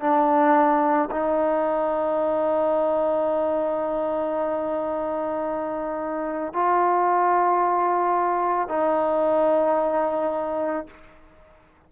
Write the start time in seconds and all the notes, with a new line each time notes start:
0.00 D4
1.10 D#4
6.53 F4
8.68 D#4